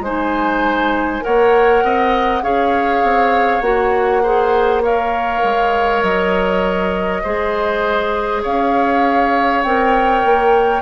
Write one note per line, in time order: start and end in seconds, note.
0.00 1.20 G#3
0.00 1.22 D#4
0.00 1.24 C5
0.00 1.24 G#5
1.22 1.83 A#3
1.22 2.42 A#4
1.22 1.84 C#5
1.22 2.43 F#5
1.83 2.43 C4
1.83 2.43 D#5
2.43 3.03 C#4
2.43 3.62 G#4
2.43 4.23 C#5
2.43 3.62 F5
3.03 3.61 C4
3.61 5.41 A#3
3.61 4.22 F#4
3.61 4.82 F#5
4.23 4.83 G#4
4.23 4.83 C5
4.83 7.23 A#4
4.83 7.23 C#5
4.83 6.03 F5
5.44 6.03 G#3
6.03 7.23 F#3
6.03 8.43 D#5
7.23 8.45 G#3
7.23 9.65 G#4
7.23 8.42 C5
8.42 9.64 C#4
8.42 10.82 C#5
8.42 9.62 F5
9.62 10.24 C4
9.62 10.82 A#4
9.62 10.82 G5
10.24 10.82 A#3